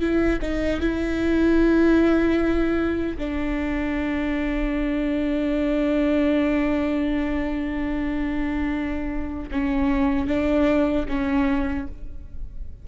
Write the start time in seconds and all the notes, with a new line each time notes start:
0.00 E4
0.42 D#4
0.80 E4
3.18 D4
9.51 C#4
10.27 D4
11.08 C#4